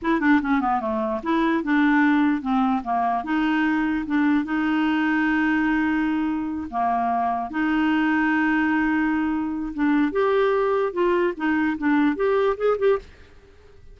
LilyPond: \new Staff \with { instrumentName = "clarinet" } { \time 4/4 \tempo 4 = 148 e'8 d'8 cis'8 b8 a4 e'4 | d'2 c'4 ais4 | dis'2 d'4 dis'4~ | dis'1~ |
dis'8 ais2 dis'4.~ | dis'1 | d'4 g'2 f'4 | dis'4 d'4 g'4 gis'8 g'8 | }